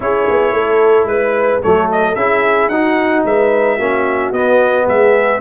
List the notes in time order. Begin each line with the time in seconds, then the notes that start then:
0.00 C#4 E4 G#4 C#5
0.29 B3
0.52 A3 A4
1.04 G#3 B4
1.62 F#3 A3 A4 C#5
1.91 D#5
2.15 C#4 E4 G#4 E5
2.68 D#4 F#4 F#5
3.24 G#3 B4 E5
3.76 A#3 C#4 F#4
4.32 B3 D#5
4.86 G#3 G#4 E5